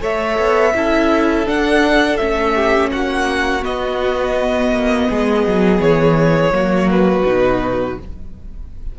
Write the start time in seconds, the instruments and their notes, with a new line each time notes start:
0.00 cello A3, viola A4, violin C#5 E5
0.38 cello B3
0.74 cello C#4, viola E4, violin A4
1.46 viola D4, cello D4, violin F#5
2.16 cello A3, viola C#4, violin E5
2.54 violin G4
2.91 cello A#3, violin F#4 F#5
3.62 viola B3, cello B3, violin D#5
4.71 cello A#3
5.08 cello G#3, violin G#4
5.46 cello F#3
5.79 cello E3, violin C#5
6.51 cello F#3, viola A#3, violin F#4
6.90 violin B4
7.25 cello B2, viola D#4